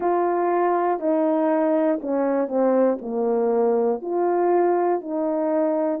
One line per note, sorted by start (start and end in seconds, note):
0.00 1.00 F4
1.00 2.00 D#4
2.01 2.47 C#4
2.47 2.97 C4
3.01 4.01 A#3
4.01 5.00 F4
5.00 6.00 D#4